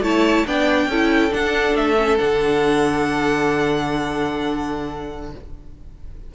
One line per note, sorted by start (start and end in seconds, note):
0.00 0.43 A3
0.00 0.46 E4
0.00 0.46 C#5
0.00 0.47 A5
0.46 0.87 B3
0.46 0.90 D4
0.46 0.89 D5
0.46 1.33 G5
0.87 1.30 C#4
0.87 1.30 E4
0.87 5.32 A4
1.30 1.95 D4
1.30 1.75 D4
1.30 1.76 F#5
1.75 2.19 A3
1.75 2.18 E5
1.97 2.18 C#4
2.18 5.34 D3
2.18 5.31 D4
2.18 5.31 F#5